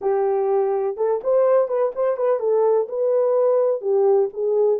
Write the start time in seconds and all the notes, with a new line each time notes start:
0.01 G4
0.96 A4
1.23 C5
1.68 B4
1.95 C5
2.16 B4
2.39 A4
2.88 B4
3.81 G4
4.33 G#4